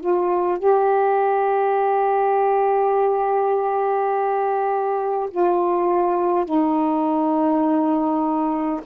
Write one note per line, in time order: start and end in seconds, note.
0.00 0.58 F4
0.58 5.29 G4
5.30 6.45 F4
6.45 8.80 D#4